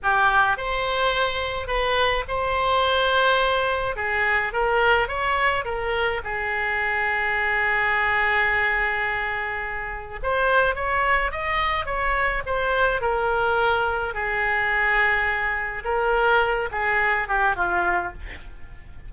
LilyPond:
\new Staff \with { instrumentName = "oboe" } { \time 4/4 \tempo 4 = 106 g'4 c''2 b'4 | c''2. gis'4 | ais'4 cis''4 ais'4 gis'4~ | gis'1~ |
gis'2 c''4 cis''4 | dis''4 cis''4 c''4 ais'4~ | ais'4 gis'2. | ais'4. gis'4 g'8 f'4 | }